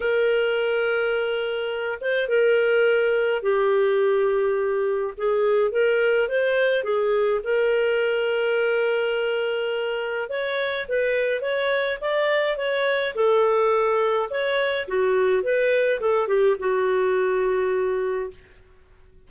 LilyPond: \new Staff \with { instrumentName = "clarinet" } { \time 4/4 \tempo 4 = 105 ais'2.~ ais'8 c''8 | ais'2 g'2~ | g'4 gis'4 ais'4 c''4 | gis'4 ais'2.~ |
ais'2 cis''4 b'4 | cis''4 d''4 cis''4 a'4~ | a'4 cis''4 fis'4 b'4 | a'8 g'8 fis'2. | }